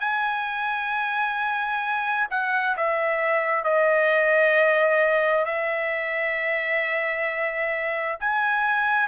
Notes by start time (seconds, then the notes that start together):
0.00 G#5
2.31 F#5
2.77 E5
3.64 D#5
5.45 E5
8.20 G#5